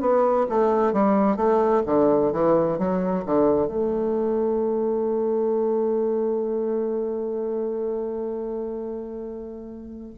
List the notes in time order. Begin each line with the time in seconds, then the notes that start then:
0.00 B3
0.49 A3
0.92 G3
1.36 A3
1.85 D3
2.32 E3
2.78 F#3
3.25 D3
3.67 A3